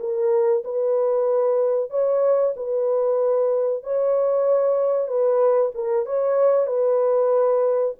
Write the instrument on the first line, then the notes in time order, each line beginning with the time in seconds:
horn
0.00 A#4
0.64 B4
1.91 C#5
2.56 B4
3.84 C#5
5.08 B4
5.75 A#4
6.06 C#5
6.67 B4